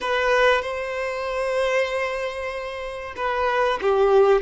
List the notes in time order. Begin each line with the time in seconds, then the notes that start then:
0.00 B4
0.61 C5
3.16 B4
3.81 G4